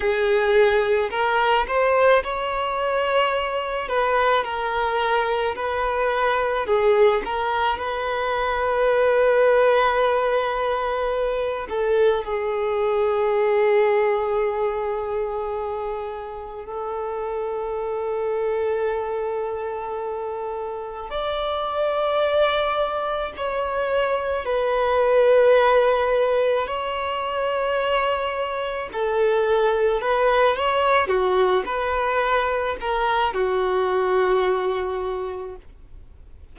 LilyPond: \new Staff \with { instrumentName = "violin" } { \time 4/4 \tempo 4 = 54 gis'4 ais'8 c''8 cis''4. b'8 | ais'4 b'4 gis'8 ais'8 b'4~ | b'2~ b'8 a'8 gis'4~ | gis'2. a'4~ |
a'2. d''4~ | d''4 cis''4 b'2 | cis''2 a'4 b'8 cis''8 | fis'8 b'4 ais'8 fis'2 | }